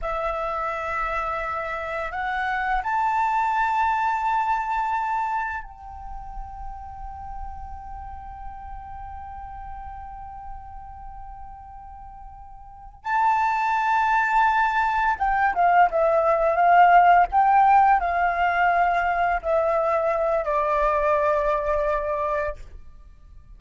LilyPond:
\new Staff \with { instrumentName = "flute" } { \time 4/4 \tempo 4 = 85 e''2. fis''4 | a''1 | g''1~ | g''1~ |
g''2~ g''8 a''4.~ | a''4. g''8 f''8 e''4 f''8~ | f''8 g''4 f''2 e''8~ | e''4 d''2. | }